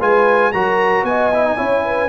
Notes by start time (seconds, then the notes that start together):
0.00 G#3 F4 B4 G#5
0.52 F#3 F#4 A#4 A#5
1.03 B3 D#5 G#5
1.34 E4
1.46 D#4
1.57 C#4 E4 C#5
1.85 B4